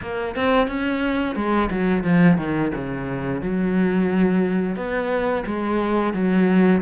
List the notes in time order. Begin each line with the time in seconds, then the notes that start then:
0.01 A#3
0.35 C4
0.67 C#4
1.35 G#3
1.70 F#3
2.03 F3
2.37 D#3
2.74 C#3
3.41 F#3
4.75 B3
5.45 G#3
6.13 F#3